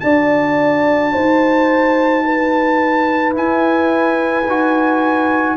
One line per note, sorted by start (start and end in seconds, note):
0.00 1.14 D4
0.00 3.32 F#4
0.00 1.13 D5
0.00 3.33 A5
1.13 3.36 D#4
1.13 2.24 C5
2.25 5.57 B4
3.32 4.43 E4
3.32 4.46 E4
3.32 5.57 G#5
4.46 5.57 D#4
4.46 5.57 F#4